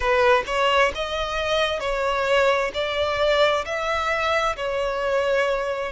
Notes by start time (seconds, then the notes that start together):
0.00 B4
0.46 C#5
0.95 D#5
1.80 C#5
2.74 D5
3.65 E5
4.56 C#5